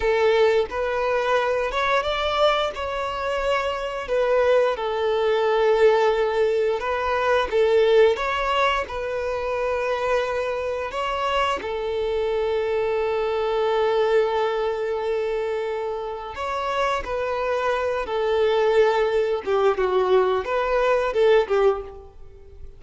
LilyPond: \new Staff \with { instrumentName = "violin" } { \time 4/4 \tempo 4 = 88 a'4 b'4. cis''8 d''4 | cis''2 b'4 a'4~ | a'2 b'4 a'4 | cis''4 b'2. |
cis''4 a'2.~ | a'1 | cis''4 b'4. a'4.~ | a'8 g'8 fis'4 b'4 a'8 g'8 | }